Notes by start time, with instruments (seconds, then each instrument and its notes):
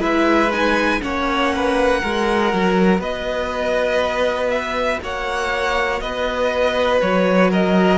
0.00 cello G#3, viola E4, violin B4 E5
0.52 viola D#4, violin G#5
1.02 cello A#3, viola C#4, violin C#5 F#5
1.56 violin B4
2.01 cello G#3, viola F#4, violin A#4
2.53 cello F#3
2.99 cello B3, violin B4 D#5
4.50 violin E5
5.03 cello A#3, violin C#5 F#5
6.01 cello B3, violin B4 D#5
7.01 cello F#3, violin C#5
7.51 violin A#4 D#5